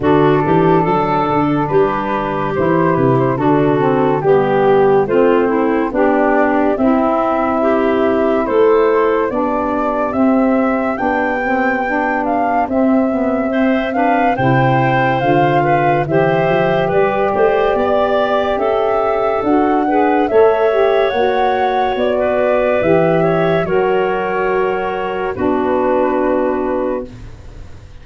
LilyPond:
<<
  \new Staff \with { instrumentName = "flute" } { \time 4/4 \tempo 4 = 71 a'2 b'4 c''8 b'16 c''16 | a'4 g'4 c''4 d''4 | e''2 c''4 d''4 | e''4 g''4. f''8 e''4~ |
e''8 f''8 g''4 f''4 e''4 | d''2 e''4 fis''4 | e''4 fis''4 d''4 e''4 | cis''2 b'2 | }
  \new Staff \with { instrumentName = "clarinet" } { \time 4/4 fis'8 g'8 a'4 g'2 | fis'4 g'4 f'8 e'8 d'4 | c'4 g'4 a'4 g'4~ | g'1 |
c''8 b'8 c''4. b'8 c''4 | b'8 c''8 d''4 a'4. b'8 | cis''2~ cis''16 b'4~ b'16 cis''8 | ais'2 fis'2 | }
  \new Staff \with { instrumentName = "saxophone" } { \time 4/4 d'2. e'4 | d'8 c'8 b4 c'4 g'4 | e'2. d'4 | c'4 d'8 c'8 d'4 c'8 b8 |
c'8 d'8 e'4 f'4 g'4~ | g'2. fis'8 gis'8 | a'8 g'8 fis'2 g'4 | fis'2 d'2 | }
  \new Staff \with { instrumentName = "tuba" } { \time 4/4 d8 e8 fis8 d8 g4 e8 c8 | d4 g4 a4 b4 | c'2 a4 b4 | c'4 b2 c'4~ |
c'4 c4 d4 e8 f8 | g8 a8 b4 cis'4 d'4 | a4 ais4 b4 e4 | fis2 b2 | }
>>